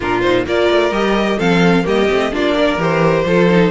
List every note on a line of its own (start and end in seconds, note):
0.00 0.46 A#2
0.00 0.23 D4
0.00 0.46 F4
0.00 0.21 A#4
0.21 0.46 D#4
0.21 0.44 C5
0.46 0.69 A#3
0.46 0.92 F4
0.46 1.37 A#4
0.46 0.93 D5
0.70 0.91 A3
0.91 1.37 G3
0.91 1.37 G4
0.91 1.39 D#5
1.37 1.86 F3
1.37 1.83 C4
1.37 1.84 A4
1.37 1.85 F5
1.83 2.10 G3
1.83 2.06 A#3
1.83 2.32 G4
1.83 2.34 D#5
2.08 2.32 A3
2.08 2.31 C4
2.31 2.77 A#3
2.31 2.78 D4
2.31 2.55 F4
2.31 2.81 D5
2.55 3.25 A#4
2.77 3.24 E3
2.77 3.25 G4
2.77 3.70 C5
3.25 3.70 F3
3.25 3.49 F4
3.25 3.70 A4
3.49 3.70 D#4